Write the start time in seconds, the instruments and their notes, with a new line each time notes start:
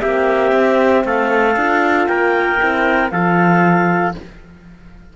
0.00 cello A#3, horn C4, trumpet G4, clarinet E5
0.52 cello C4
1.04 cello A3, trumpet A4, clarinet F5
1.56 cello D4, horn F4
2.06 cello A#3, trumpet A#4, clarinet G5
2.58 cello C4, horn E4
3.10 cello F3, horn F4, trumpet A4, clarinet F5